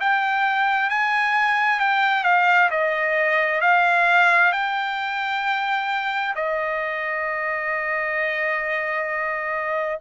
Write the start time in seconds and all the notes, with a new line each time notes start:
0.00 G5
0.90 G#5
1.79 G5
2.24 F5
2.70 D#5
3.61 F5
4.52 G5
6.35 D#5